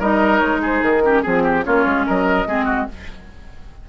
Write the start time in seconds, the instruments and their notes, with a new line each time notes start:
0.00 bassoon G3, clarinet D#4, oboe A#4, flute D#5
0.39 bassoon G#3, flute C#5
0.62 oboe G#4, flute C5
0.82 bassoon D#3, flute A#4
1.04 clarinet C#4, oboe G4
1.23 bassoon F3, clarinet C4, oboe G#4, flute G#4
1.44 oboe G4
1.64 bassoon A#3, clarinet C#4, oboe F4, flute C#5
1.86 bassoon G#3
2.07 bassoon F#3, oboe A#4, flute D#5
2.47 bassoon G#3, clarinet C4, oboe G#4
2.66 oboe F#4